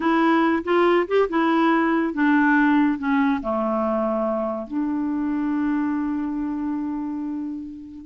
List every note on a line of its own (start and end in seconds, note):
0.00 0.63 E4
0.64 1.06 F4
1.07 1.28 G4
1.29 2.13 E4
2.13 2.98 D4
2.98 3.40 C#4
3.42 4.67 A3
4.67 8.05 D4